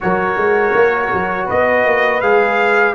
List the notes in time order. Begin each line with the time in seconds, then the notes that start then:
0.00 F#3 F#4 A#4 C#5
0.36 G#3
0.75 A#3
1.13 F#3
1.45 B3 B4 D#5
1.85 A#3
2.21 G#3 G#4 F5